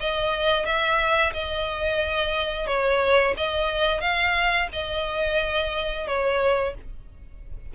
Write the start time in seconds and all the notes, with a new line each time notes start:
0.00 D#5
0.65 E5
1.33 D#5
2.67 C#5
3.36 D#5
4.01 F5
4.72 D#5
6.07 C#5